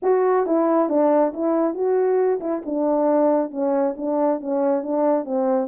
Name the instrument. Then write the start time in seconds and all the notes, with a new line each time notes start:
horn
0.02 F#4
0.46 E4
0.89 D4
1.33 E4
1.74 F#4
2.40 E4
2.65 D4
3.51 C#4
3.96 D4
4.40 C#4
4.83 D4
5.24 C4